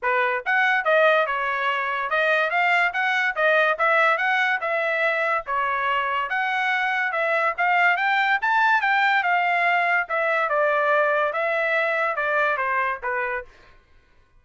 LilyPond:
\new Staff \with { instrumentName = "trumpet" } { \time 4/4 \tempo 4 = 143 b'4 fis''4 dis''4 cis''4~ | cis''4 dis''4 f''4 fis''4 | dis''4 e''4 fis''4 e''4~ | e''4 cis''2 fis''4~ |
fis''4 e''4 f''4 g''4 | a''4 g''4 f''2 | e''4 d''2 e''4~ | e''4 d''4 c''4 b'4 | }